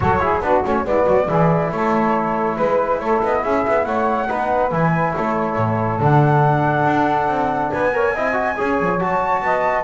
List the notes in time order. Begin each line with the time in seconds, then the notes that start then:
0.00 F#3 F#4 A4 C#5
0.19 E4 G#4
0.40 B3 D4 F#4 B4
0.65 A3 C#4 C#5
0.84 G#3 B3 E4 D5
1.04 F#3 F#4
1.27 E3 E4 G#4
1.71 A3 A4 C#5
2.56 G#3 B4
2.99 A3 A4 C#5
3.22 B3 D#5
3.42 C#4 G#4 E5
3.67 B3
3.84 A3 C#5 F#5
4.27 B3 D#4 B4
4.70 E3 E4 G#5
5.15 A3 A4 C#5
5.56 A2
5.99 D3 D4 F#5
6.85 D4
7.27 C4
7.71 B3 B4 G#5
7.92 A#4 C#5
8.13 C4 E4 D#5
8.33 F#4
8.56 C#4 G#4 C#5
8.80 F3
8.99 F#3 F#4 A5
9.42 B3 D#5